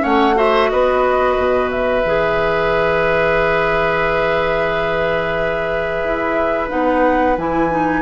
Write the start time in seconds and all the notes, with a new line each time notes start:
0.00 A3 C#4 C#5 F#5
0.35 F#4 C5 E5
0.69 B3 B4 D#5
1.37 B2
1.70 E5
2.04 E3 G#4
6.04 E4
6.69 B3 D#4 F#5
7.37 E3 E4 G#5
7.70 D#4